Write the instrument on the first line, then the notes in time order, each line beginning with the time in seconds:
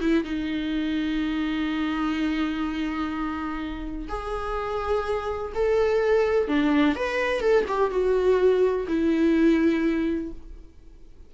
viola
0.00 E4
0.24 D#4
4.08 G#4
5.54 A4
6.48 D4
6.95 B4
7.41 A4
7.68 G4
7.91 F#4
8.88 E4